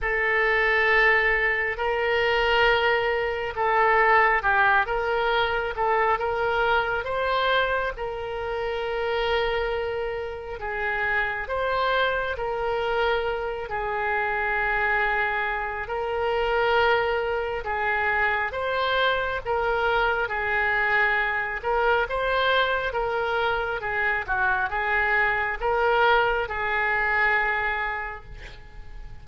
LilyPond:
\new Staff \with { instrumentName = "oboe" } { \time 4/4 \tempo 4 = 68 a'2 ais'2 | a'4 g'8 ais'4 a'8 ais'4 | c''4 ais'2. | gis'4 c''4 ais'4. gis'8~ |
gis'2 ais'2 | gis'4 c''4 ais'4 gis'4~ | gis'8 ais'8 c''4 ais'4 gis'8 fis'8 | gis'4 ais'4 gis'2 | }